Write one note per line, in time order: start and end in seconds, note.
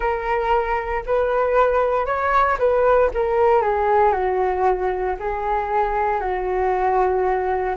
0.00 1.03 A#4
1.06 2.05 B4
2.05 2.57 C#5
2.58 3.10 B4
3.14 3.62 A#4
3.62 4.12 G#4
4.12 5.16 F#4
5.19 6.20 G#4
6.20 7.75 F#4